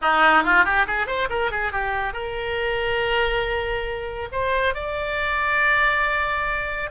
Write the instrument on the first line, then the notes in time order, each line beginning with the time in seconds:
oboe
0.01 D#4
0.43 F4
0.64 G4
0.87 G#4
1.06 C5
1.29 A#4
1.51 G#4
1.71 G4
2.13 A#4
4.32 C5
4.74 D5